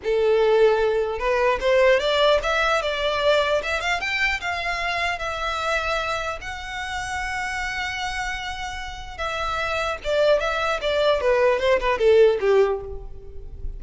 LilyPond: \new Staff \with { instrumentName = "violin" } { \time 4/4 \tempo 4 = 150 a'2. b'4 | c''4 d''4 e''4 d''4~ | d''4 e''8 f''8 g''4 f''4~ | f''4 e''2. |
fis''1~ | fis''2. e''4~ | e''4 d''4 e''4 d''4 | b'4 c''8 b'8 a'4 g'4 | }